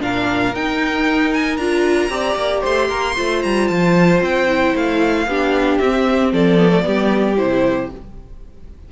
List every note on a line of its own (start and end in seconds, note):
0.00 0.53 A#2
0.00 0.53 D4
0.00 2.12 A#4
0.00 0.55 F5
0.53 1.58 D#4
0.53 1.60 D#4
0.53 1.33 G5
1.33 1.57 G#5
1.57 2.09 D4
1.57 2.09 F4
1.57 2.62 A#5
2.09 2.35 C4
2.09 3.15 G4
2.09 2.61 D5
2.35 2.62 A#3
2.61 2.90 A3
2.61 2.87 C5
2.61 3.42 C6
2.89 3.16 A#3
2.89 3.15 A#4
3.15 3.45 A3
3.15 4.47 F4
3.15 5.26 C5
3.42 3.69 G3
3.42 3.68 A#5
3.68 4.21 F3
3.68 4.20 A5
4.21 4.74 C4
4.21 4.76 G5
4.47 5.26 E4
4.75 5.26 A3
4.75 5.78 F5
5.26 5.79 B3
5.26 5.82 D4
5.26 6.33 G4
5.78 6.32 C4
5.78 6.59 C4
5.78 6.31 E5
6.32 6.85 F3
6.32 6.85 A4
6.32 7.37 D5
6.59 6.69 B3
6.69 6.81 A3
6.81 7.39 G3
6.81 7.34 B3
6.81 7.91 G4
7.37 7.92 C3
7.37 7.90 E4
7.37 7.89 C5